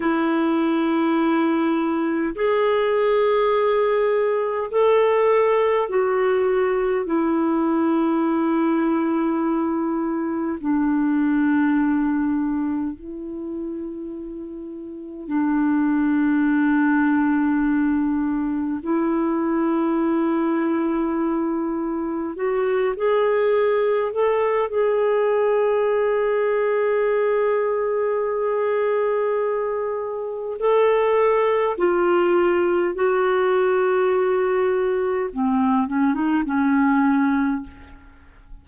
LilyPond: \new Staff \with { instrumentName = "clarinet" } { \time 4/4 \tempo 4 = 51 e'2 gis'2 | a'4 fis'4 e'2~ | e'4 d'2 e'4~ | e'4 d'2. |
e'2. fis'8 gis'8~ | gis'8 a'8 gis'2.~ | gis'2 a'4 f'4 | fis'2 c'8 cis'16 dis'16 cis'4 | }